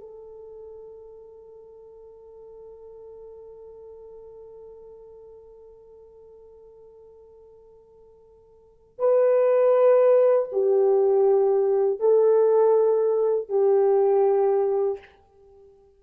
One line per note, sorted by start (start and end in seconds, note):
0.00 8.99 A4
8.99 10.49 B4
10.52 12.00 G4
12.00 13.49 A4
13.49 14.99 G4